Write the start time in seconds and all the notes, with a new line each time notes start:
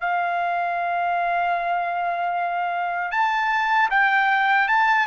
0.00 F5
3.11 A5
3.90 G5
4.68 A5